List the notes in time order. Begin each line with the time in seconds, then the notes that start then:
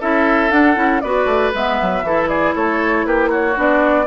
0.00 C#4 E4 A4 E5
0.50 D4 F#5
0.75 C#4 E4
1.00 B3 F#4 B4 D5
1.25 A3
1.53 G#3 B3 E5
1.81 F#3
2.02 E3 E4 A4
2.28 G#4 D5
2.54 A3 A4 C#5
3.05 A#3 G4 B4
3.29 F#4 C#5
3.55 B3 D4 D5